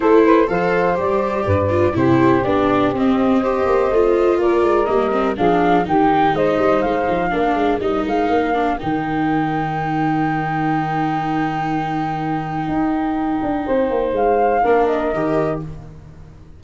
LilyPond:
<<
  \new Staff \with { instrumentName = "flute" } { \time 4/4 \tempo 4 = 123 c''4 f''4 d''2 | c''4 d''4 dis''2~ | dis''4 d''4 dis''4 f''4 | g''4 dis''4 f''2 |
dis''8 f''4. g''2~ | g''1~ | g''1~ | g''4 f''4. dis''4. | }
  \new Staff \with { instrumentName = "saxophone" } { \time 4/4 a'8 b'8 c''2 b'4 | g'2. c''4~ | c''4 ais'2 gis'4 | g'4 c''2 ais'4~ |
ais'1~ | ais'1~ | ais'1 | c''2 ais'2 | }
  \new Staff \with { instrumentName = "viola" } { \time 4/4 e'4 a'4 g'4. f'8 | e'4 d'4 c'4 g'4 | f'2 ais8 c'8 d'4 | dis'2. d'4 |
dis'4. d'8 dis'2~ | dis'1~ | dis'1~ | dis'2 d'4 g'4 | }
  \new Staff \with { instrumentName = "tuba" } { \time 4/4 a4 f4 g4 g,4 | c4 b4 c'4. ais8 | a4 ais8 gis8 g4 f4 | dis4 gis8 g8 gis8 f8 ais8 gis8 |
g8 gis8 ais4 dis2~ | dis1~ | dis2 dis'4. d'8 | c'8 ais8 gis4 ais4 dis4 | }
>>